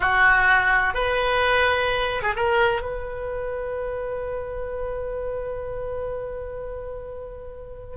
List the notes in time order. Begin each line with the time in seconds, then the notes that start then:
0.00 F#4
0.94 B4
2.22 G#4
2.36 A#4
2.81 B4